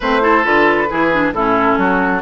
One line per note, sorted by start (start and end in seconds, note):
0.00 0.45 A3
0.00 0.21 C4
0.00 0.21 B4
0.00 0.44 C5
0.21 0.43 E4
0.21 0.89 A4
0.44 0.89 D3
0.44 0.88 F4
0.44 1.33 B4
0.89 1.31 E3
0.89 1.11 E4
0.89 1.34 G#4
1.11 1.34 D4
1.31 1.76 A2
1.31 2.22 C#4
1.31 1.78 E4
1.31 2.22 A4
1.77 2.22 F#3
1.77 2.22 F#4